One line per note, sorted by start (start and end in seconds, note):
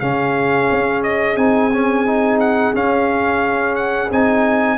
0.00 0.69 C#3
0.00 1.37 C#4
0.00 4.78 G#4
0.00 1.02 F5
0.71 1.36 C#4
1.03 1.37 D#5
1.36 2.73 C4
1.36 1.71 D#4
1.36 2.39 G#5
1.73 2.06 C#4
2.06 2.74 D#4
2.40 2.74 F#5
2.74 4.10 C#4
2.74 4.11 C#4
2.74 3.76 F5
3.76 4.10 F#5
4.11 4.78 C4
4.11 4.78 D#4
4.11 4.78 G#5